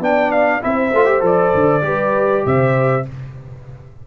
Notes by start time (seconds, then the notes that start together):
0.00 B3 D4 D5 G5
0.32 F5
0.61 C4 E4 C5 E5
0.93 A3 F4
1.06 G4
1.20 F3 A4 D5
1.54 D3
1.81 G3 G4 B4
2.46 C3 C5 E5